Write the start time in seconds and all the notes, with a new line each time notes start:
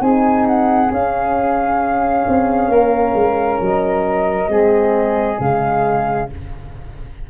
0.00 C4 D#4 G#4 G#5
0.47 F#5
0.92 C#4 F5
2.29 C4
2.69 A#3 A#4
3.14 G#3
3.61 F#3 D#5
4.48 G#3 C4 G#4
5.40 C#3 G#3 F5